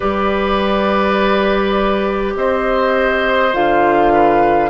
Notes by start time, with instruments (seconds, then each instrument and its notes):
0.00 bassoon G3, clarinet G4, oboe B4, flute D5
2.35 bassoon C4, oboe C5, flute D#5
3.53 bassoon D3, clarinet F4, flute F5
4.12 oboe B4